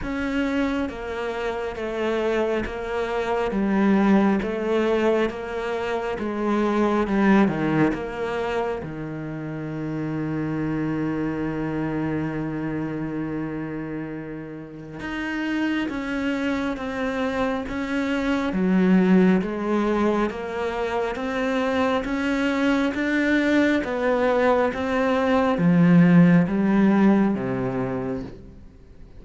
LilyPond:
\new Staff \with { instrumentName = "cello" } { \time 4/4 \tempo 4 = 68 cis'4 ais4 a4 ais4 | g4 a4 ais4 gis4 | g8 dis8 ais4 dis2~ | dis1~ |
dis4 dis'4 cis'4 c'4 | cis'4 fis4 gis4 ais4 | c'4 cis'4 d'4 b4 | c'4 f4 g4 c4 | }